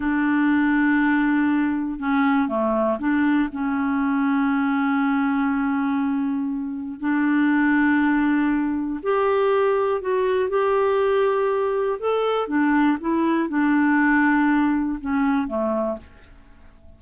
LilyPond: \new Staff \with { instrumentName = "clarinet" } { \time 4/4 \tempo 4 = 120 d'1 | cis'4 a4 d'4 cis'4~ | cis'1~ | cis'2 d'2~ |
d'2 g'2 | fis'4 g'2. | a'4 d'4 e'4 d'4~ | d'2 cis'4 a4 | }